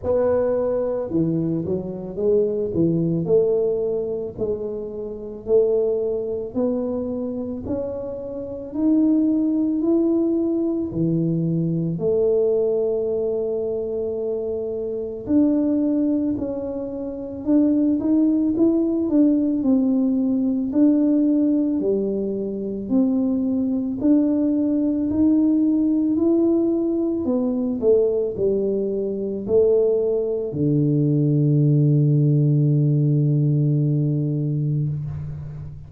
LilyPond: \new Staff \with { instrumentName = "tuba" } { \time 4/4 \tempo 4 = 55 b4 e8 fis8 gis8 e8 a4 | gis4 a4 b4 cis'4 | dis'4 e'4 e4 a4~ | a2 d'4 cis'4 |
d'8 dis'8 e'8 d'8 c'4 d'4 | g4 c'4 d'4 dis'4 | e'4 b8 a8 g4 a4 | d1 | }